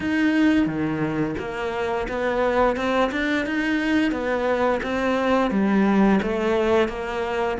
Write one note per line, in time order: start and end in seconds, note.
0.00 0.66 D#4
0.66 1.35 D#3
1.38 2.07 A#3
2.08 2.76 B3
2.76 3.10 C4
3.11 3.45 D4
3.45 4.11 D#4
4.11 4.80 B3
4.82 5.50 C4
5.50 6.19 G3
6.22 6.88 A3
6.88 7.57 A#3